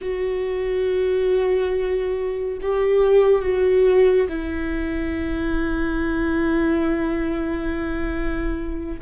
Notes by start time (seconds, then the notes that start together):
0.01 F#4
2.61 G4
3.41 F#4
4.29 E4